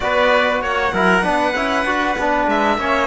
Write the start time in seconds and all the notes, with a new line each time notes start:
0.00 B3 F#4 B4 D5
0.61 A#3 C#5 F#5
0.93 F#3 E4 A#4
1.22 B3 D4 B4
1.55 C#4 E4
1.84 D4 F#4
2.18 B3 D4
2.47 G#3 E5
2.77 A#3 C#4 C#5